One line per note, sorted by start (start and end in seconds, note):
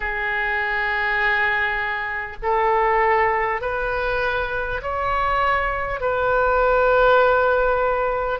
0.00 2.37 G#4
2.42 3.61 A4
3.61 4.81 B4
4.82 6.00 C#5
6.00 8.39 B4